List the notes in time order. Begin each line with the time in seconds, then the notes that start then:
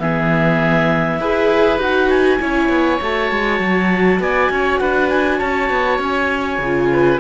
0.00 E3 B3 G#4 E5
1.19 E4 G#4 B4
1.79 D#4 F#4 F#5
2.10 G#5
2.40 C#4 E4 C#5
2.69 B3
3.02 A3 F#4 A5
3.31 G#3
3.60 F#3
4.20 B3 D5 G#5
4.50 C#4 C#5
4.79 D4 B4 F#5
5.10 G#5
5.38 C#4 C#5 A5
5.70 B3
5.99 C#4 G#5
6.59 C#3 F4
6.93 B4